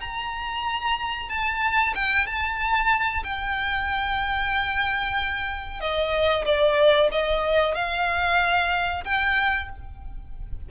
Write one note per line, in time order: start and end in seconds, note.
0.00 1.29 A#5
1.29 1.93 A5
1.95 2.26 G5
2.26 3.23 A5
3.23 5.80 G5
5.80 6.45 D#5
6.45 7.09 D5
7.11 7.75 D#5
7.75 9.04 F5
9.04 9.69 G5